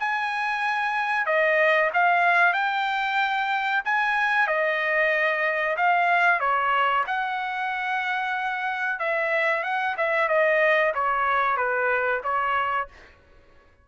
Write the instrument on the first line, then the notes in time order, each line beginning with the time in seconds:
trumpet
0.00 G#5
1.26 D#5
1.94 F5
2.54 G5
3.85 G#5
4.48 D#5
5.77 F5
6.40 C#5
7.07 F#5
8.99 E5
9.64 F#5
9.98 E5
10.29 D#5
10.95 C#5
11.57 B4
12.24 C#5